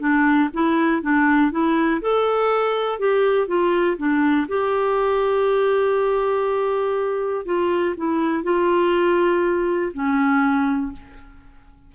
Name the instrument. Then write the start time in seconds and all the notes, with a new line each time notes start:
clarinet
0.00 D4
0.53 E4
1.02 D4
1.51 E4
2.02 A4
2.99 G4
3.48 F4
3.98 D4
4.48 G4
7.45 F4
7.97 E4
8.43 F4
9.93 C#4